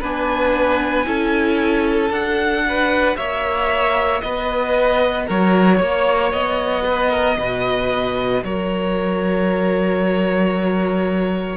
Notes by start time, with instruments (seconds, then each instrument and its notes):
0.00 cello B3, viola D4, violin B4 G#5
1.05 cello C#4, viola E4, violin A4
2.10 cello D4, viola F#4, violin F#5
2.68 violin B4
3.16 cello A#3, violin C#5 E5
4.20 cello B3, violin B4 D#5
5.26 cello F#3, violin A#4 C#5
5.77 cello A#3, violin C#5
6.32 cello B3, violin D#5
6.84 violin B4
7.10 violin A#4
7.37 cello B2, violin B4
8.43 cello F#3, violin A#4 C#5